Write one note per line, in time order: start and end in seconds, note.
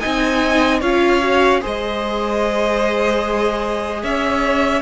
0.00 0.82 C4
0.00 0.82 D#4
0.00 0.81 D#5
0.00 0.80 G#5
0.81 1.62 C#4
0.81 1.22 F4
0.81 1.61 C#5
0.81 1.62 F5
1.22 1.62 F#4
1.62 4.04 G#3
1.62 4.82 G#4
1.62 4.02 C5
1.62 4.03 D#5
4.03 4.82 C#4
4.03 4.82 C#5
4.03 4.82 E5